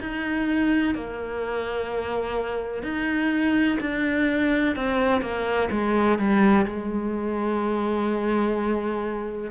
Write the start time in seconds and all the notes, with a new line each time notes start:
0.00 D#4
0.94 A#3
2.83 D#4
3.80 D4
4.76 C4
5.21 A#3
5.71 G#3
6.19 G3
6.65 G#3